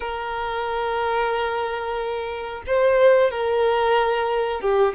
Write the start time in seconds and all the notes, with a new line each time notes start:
0.00 A#4
2.66 C5
3.31 A#4
4.61 G4